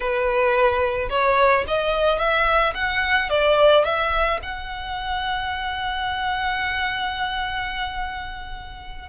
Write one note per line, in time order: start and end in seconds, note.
0.00 1.09 B4
1.09 1.64 C#5
1.67 2.18 D#5
2.18 2.73 E5
2.74 3.29 F#5
3.29 3.84 D5
3.84 4.39 E5
4.42 9.09 F#5